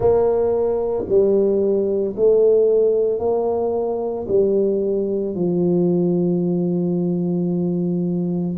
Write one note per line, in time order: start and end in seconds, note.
0.00 1.04 A#3
1.08 2.15 G3
2.16 3.19 A3
3.19 4.26 A#3
4.28 5.35 G3
5.35 8.56 F3